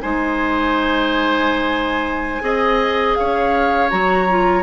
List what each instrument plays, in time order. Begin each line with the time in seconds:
0.00 bassoon G#3, clarinet D#4, oboe C5, flute G#5
2.41 bassoon C4, clarinet G#4, oboe D#5
3.15 bassoon C#4, oboe C#5, flute F5
3.90 bassoon F#3, clarinet F#4, flute A#5
4.29 clarinet F4